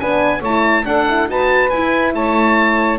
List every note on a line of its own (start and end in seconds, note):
0.00 0.42 B3
0.00 0.44 D4
0.00 0.40 B4
0.00 0.43 G#5
0.40 0.85 A3
0.40 0.85 E4
0.40 0.83 C#5
0.40 0.86 A5
0.85 1.07 D4
0.85 1.28 D4
0.85 1.30 A4
0.85 1.29 F#5
1.09 1.28 E4
1.28 1.71 D#4
1.28 1.71 F#4
1.28 2.15 B4
1.28 1.70 A5
1.70 2.14 E4
1.70 2.99 E4
1.70 2.13 G#5
2.14 2.99 A3
2.14 2.99 C#5
2.14 2.99 A5